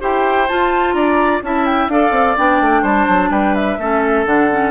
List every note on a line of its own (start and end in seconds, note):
0.00 0.50 E4
0.00 0.47 G4
0.00 0.95 C5
0.00 0.49 G5
0.48 1.43 F4
0.48 0.94 F4
0.48 0.93 A5
0.93 1.41 D4
0.93 1.43 D5
0.93 1.40 A#5
1.43 1.88 C#4
1.43 1.91 E4
1.43 1.92 E5
1.43 1.66 A5
1.66 1.89 G5
1.88 2.11 D4
1.88 2.37 A4
1.88 2.82 D5
1.88 2.37 F5
2.11 2.34 C4
2.37 2.61 B3
2.37 3.79 D4
2.37 2.84 G5
2.61 2.83 A3
2.82 3.07 G3
2.82 3.29 C5
2.82 3.31 A5
3.09 3.30 F#3
3.30 3.78 G3
3.30 3.78 B4
3.30 3.55 G5
3.55 4.26 E5
3.78 4.26 A3
3.78 4.26 C#4
3.78 4.71 A4
4.26 4.71 D3
4.26 4.50 D4
4.26 4.71 F#5
4.52 4.71 C#4